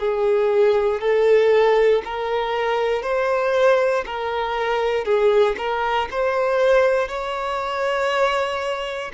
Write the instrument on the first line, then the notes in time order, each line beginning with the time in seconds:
violin
0.00 G#4
1.01 A4
2.05 A#4
3.03 C5
4.06 A#4
5.05 G#4
5.58 A#4
6.11 C5
7.09 C#5